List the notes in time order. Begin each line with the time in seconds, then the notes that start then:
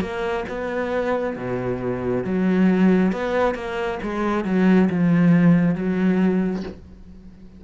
0.00 A#3
0.49 B3
1.36 B2
2.24 F#3
3.12 B3
3.54 A#3
4.02 G#3
4.44 F#3
4.89 F3
5.74 F#3